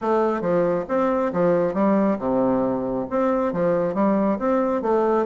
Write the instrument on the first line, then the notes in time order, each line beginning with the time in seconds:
bassoon
0.01 A3
0.41 F3
0.88 C4
1.32 F3
1.73 G3
2.18 C3
3.10 C4
3.52 F3
3.94 G3
4.39 C4
4.82 A3